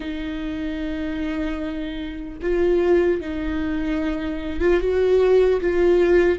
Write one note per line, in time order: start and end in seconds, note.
0.00 2.38 D#4
2.42 3.20 F4
3.20 4.60 D#4
4.60 4.80 F4
4.80 5.60 F#4
5.60 6.39 F4